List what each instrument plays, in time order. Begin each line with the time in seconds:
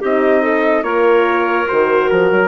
0.00 bassoon C4, horn D#4, clarinet G4, trumpet D#5
0.42 clarinet A4
0.83 bassoon A#3, horn F4, clarinet A#4, trumpet C#5
1.67 bassoon D#3, horn F#4, trumpet C5
2.10 bassoon F3, trumpet A#4
2.31 bassoon F#3